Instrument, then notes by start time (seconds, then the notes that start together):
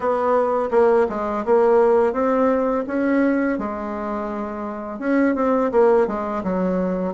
bassoon
0.00 B3
0.70 A#3
1.09 G#3
1.45 A#3
2.12 C4
2.87 C#4
3.58 G#3
4.99 C#4
5.35 C4
5.71 A#3
6.07 G#3
6.43 F#3